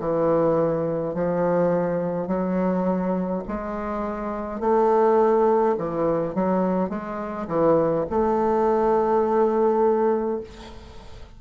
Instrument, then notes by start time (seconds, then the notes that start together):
bassoon
0.00 E3
1.14 F3
2.28 F#3
3.48 G#3
4.60 A3
5.78 E3
6.35 F#3
6.90 G#3
7.47 E3
8.10 A3